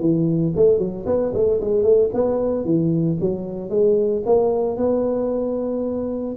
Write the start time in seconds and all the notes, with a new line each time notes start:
0.00 E3
0.56 A3
0.78 F#3
1.06 B3
1.34 A3
1.61 G#3
1.83 A3
2.14 B3
2.65 E3
3.21 F#3
3.70 G#3
4.26 A#3
4.77 B3